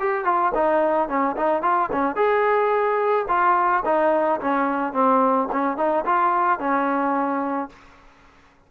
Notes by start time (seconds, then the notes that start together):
0.00 G4
0.25 F4
0.55 D#4
1.09 C#4
1.37 D#4
1.62 F4
1.92 C#4
2.16 G#4
3.29 F4
3.85 D#4
4.41 C#4
4.93 C4
5.52 C#4
5.77 D#4
6.06 F4
6.60 C#4